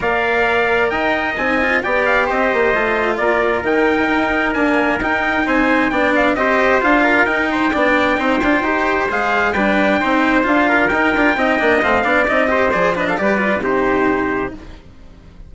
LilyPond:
<<
  \new Staff \with { instrumentName = "trumpet" } { \time 4/4 \tempo 4 = 132 f''2 g''4 gis''4 | g''8 f''8 dis''2 d''4 | g''2 gis''4 g''4 | gis''4 g''8 f''8 dis''4 f''4 |
g''1 | f''4 g''2 f''4 | g''2 f''4 dis''4 | d''8 dis''16 f''16 d''4 c''2 | }
  \new Staff \with { instrumentName = "trumpet" } { \time 4/4 d''2 dis''2 | d''4 c''2 ais'4~ | ais'1 | c''4 d''4 c''4. ais'8~ |
ais'8 c''8 d''4 c''2~ | c''4 b'4 c''4. ais'8~ | ais'4 dis''4. d''4 c''8~ | c''8 b'16 a'16 b'4 g'2 | }
  \new Staff \with { instrumentName = "cello" } { \time 4/4 ais'2. dis'8 f'8 | g'2 f'2 | dis'2 ais4 dis'4~ | dis'4 d'4 g'4 f'4 |
dis'4 d'4 dis'8 f'8 g'4 | gis'4 d'4 dis'4 f'4 | dis'8 f'8 dis'8 d'8 c'8 d'8 dis'8 g'8 | gis'8 d'8 g'8 f'8 dis'2 | }
  \new Staff \with { instrumentName = "bassoon" } { \time 4/4 ais2 dis'4 c'4 | b4 c'8 ais8 a4 ais4 | dis4 dis'4 d'4 dis'4 | c'4 b4 c'4 d'4 |
dis'4 b4 c'8 d'8 dis'4 | gis4 g4 c'4 d'4 | dis'8 d'8 c'8 ais8 a8 b8 c'4 | f4 g4 c2 | }
>>